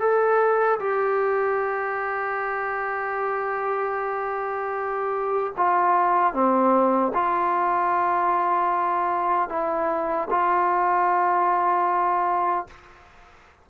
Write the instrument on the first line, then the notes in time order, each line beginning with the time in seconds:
trombone
0.00 A4
0.79 G4
5.57 F4
6.33 C4
7.14 F4
9.49 E4
10.30 F4